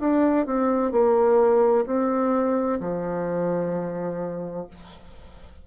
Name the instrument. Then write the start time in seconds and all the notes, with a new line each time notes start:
bassoon
0.00 D4
0.46 C4
0.92 A#3
1.86 C4
2.80 F3